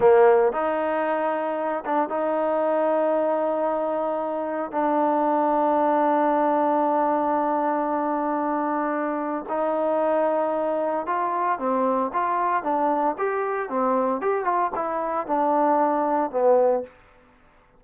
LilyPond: \new Staff \with { instrumentName = "trombone" } { \time 4/4 \tempo 4 = 114 ais4 dis'2~ dis'8 d'8 | dis'1~ | dis'4 d'2.~ | d'1~ |
d'2 dis'2~ | dis'4 f'4 c'4 f'4 | d'4 g'4 c'4 g'8 f'8 | e'4 d'2 b4 | }